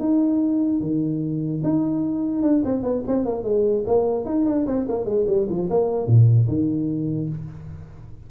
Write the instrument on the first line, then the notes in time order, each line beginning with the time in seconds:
tuba
0.00 D#4
0.81 D#3
1.64 D#4
2.43 D4
2.65 C4
2.83 B3
3.07 C4
3.26 A#3
3.44 G#3
3.87 A#3
4.26 D#4
4.46 D4
4.67 C4
4.89 A#3
5.06 G#3
5.28 G3
5.50 F3
5.70 A#3
6.07 A#2
6.48 D#3